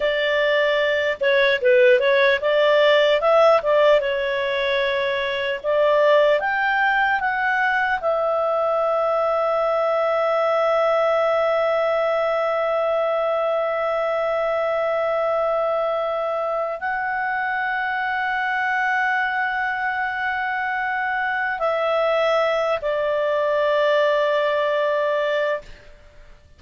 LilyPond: \new Staff \with { instrumentName = "clarinet" } { \time 4/4 \tempo 4 = 75 d''4. cis''8 b'8 cis''8 d''4 | e''8 d''8 cis''2 d''4 | g''4 fis''4 e''2~ | e''1~ |
e''1~ | e''4 fis''2.~ | fis''2. e''4~ | e''8 d''2.~ d''8 | }